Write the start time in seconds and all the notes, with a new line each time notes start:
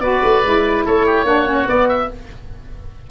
0.00 B3 F#4 B4 D5
0.23 A3
0.43 G#3 E4
0.85 A3 A4 C#5
1.06 G4
1.24 A#3 D4 F#4
1.46 C#4
1.66 B3 D5
1.89 E5